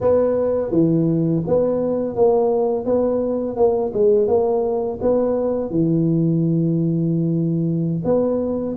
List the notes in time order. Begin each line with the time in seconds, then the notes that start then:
0.01 B3
0.71 E3
1.47 B3
2.15 A#3
2.85 B3
3.56 A#3
3.93 G#3
4.27 A#3
5.01 B3
5.70 E3
8.04 B3